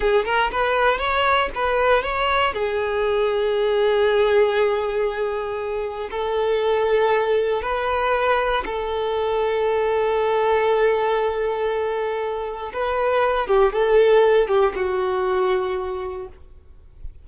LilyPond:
\new Staff \with { instrumentName = "violin" } { \time 4/4 \tempo 4 = 118 gis'8 ais'8 b'4 cis''4 b'4 | cis''4 gis'2.~ | gis'1 | a'2. b'4~ |
b'4 a'2.~ | a'1~ | a'4 b'4. g'8 a'4~ | a'8 g'8 fis'2. | }